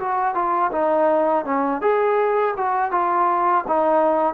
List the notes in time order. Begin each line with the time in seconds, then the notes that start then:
0.00 F#4
0.35 F4
0.72 D#4
1.46 C#4
1.82 G#4
2.57 F#4
2.92 F4
3.68 D#4